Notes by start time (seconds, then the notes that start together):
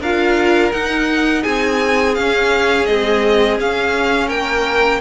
0.00 D4 F4 A#4 F5
0.72 D#4 F#5
1.42 C4 G#4 G#5
2.15 C#4 F5
2.86 G#3 C4 D#5
3.58 C#4 F5
4.27 A#3 A#4 G5